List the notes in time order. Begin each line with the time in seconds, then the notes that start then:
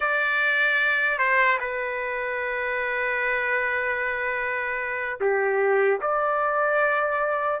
0.00 D5
1.18 C5
1.60 B4
5.20 G4
6.01 D5